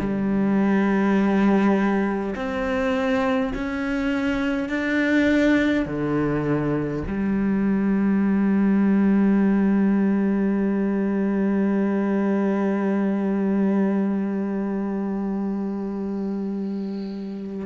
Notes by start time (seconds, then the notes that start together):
0.00 G3
2.36 C4
3.55 C#4
4.70 D4
5.86 D3
7.08 G3